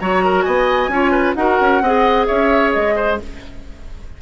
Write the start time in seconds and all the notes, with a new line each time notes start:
0.00 F#3 F#4 C#5 A#5
0.25 A#4
0.43 B3 D#5 G#5
0.89 C#4 F4 C#5
1.12 B4
1.35 D#4 F#4 A#4 F#5
1.61 C#4
1.82 C4 G#4 D#5
2.27 C#4 C#5 E5
2.73 G#3 D#5
2.96 C5